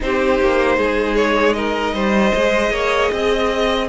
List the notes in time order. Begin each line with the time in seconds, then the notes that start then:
0.00 C4 D#4 G4 C5
0.40 A#3
0.77 G#3 G#4
1.15 C#5
1.53 A#4 D#5
1.93 G3 C5
2.35 G#3 G#4
2.70 A#3 C#5
3.12 C4 D#5